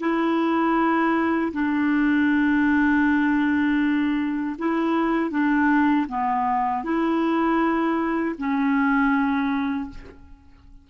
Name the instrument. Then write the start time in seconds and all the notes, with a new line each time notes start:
clarinet
0.00 E4
1.52 D4
4.58 E4
5.30 D4
6.08 B3
6.84 E4
8.38 C#4